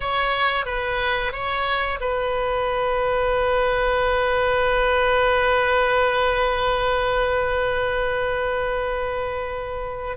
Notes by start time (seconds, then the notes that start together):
0.00 C#5
0.65 B4
1.32 C#5
2.00 B4